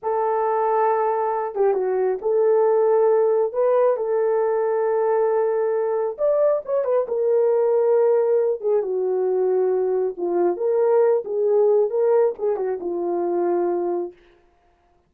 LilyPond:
\new Staff \with { instrumentName = "horn" } { \time 4/4 \tempo 4 = 136 a'2.~ a'8 g'8 | fis'4 a'2. | b'4 a'2.~ | a'2 d''4 cis''8 b'8 |
ais'2.~ ais'8 gis'8 | fis'2. f'4 | ais'4. gis'4. ais'4 | gis'8 fis'8 f'2. | }